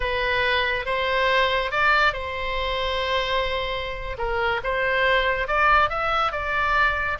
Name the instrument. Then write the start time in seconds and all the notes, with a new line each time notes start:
oboe
0.00 B4
0.85 C5
1.71 D5
2.13 C5
4.18 A#4
4.63 C5
5.47 D5
5.89 E5
6.32 D5